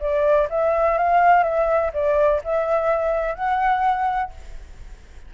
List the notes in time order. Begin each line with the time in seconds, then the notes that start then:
0.00 D5
0.50 E5
0.98 F5
1.44 E5
1.94 D5
2.44 E5
3.35 F#5